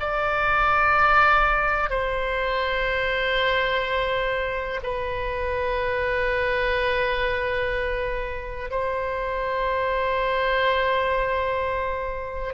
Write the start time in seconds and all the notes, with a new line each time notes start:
0.00 D5
1.90 C5
4.83 B4
8.71 C5